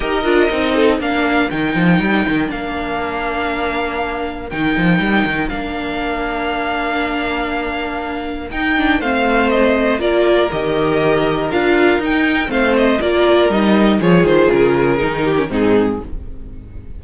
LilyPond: <<
  \new Staff \with { instrumentName = "violin" } { \time 4/4 \tempo 4 = 120 dis''2 f''4 g''4~ | g''4 f''2.~ | f''4 g''2 f''4~ | f''1~ |
f''4 g''4 f''4 dis''4 | d''4 dis''2 f''4 | g''4 f''8 dis''8 d''4 dis''4 | cis''8 c''8 ais'2 gis'4 | }
  \new Staff \with { instrumentName = "violin" } { \time 4/4 ais'4. a'8 ais'2~ | ais'1~ | ais'1~ | ais'1~ |
ais'2 c''2 | ais'1~ | ais'4 c''4 ais'2 | gis'2~ gis'8 g'8 dis'4 | }
  \new Staff \with { instrumentName = "viola" } { \time 4/4 g'8 f'8 dis'4 d'4 dis'4~ | dis'4 d'2.~ | d'4 dis'2 d'4~ | d'1~ |
d'4 dis'8 d'8 c'2 | f'4 g'2 f'4 | dis'4 c'4 f'4 dis'4 | f'2 dis'8. cis'16 c'4 | }
  \new Staff \with { instrumentName = "cello" } { \time 4/4 dis'8 d'8 c'4 ais4 dis8 f8 | g8 dis8 ais2.~ | ais4 dis8 f8 g8 dis8 ais4~ | ais1~ |
ais4 dis'4 a2 | ais4 dis2 d'4 | dis'4 a4 ais4 g4 | f8 dis8 cis4 dis4 gis,4 | }
>>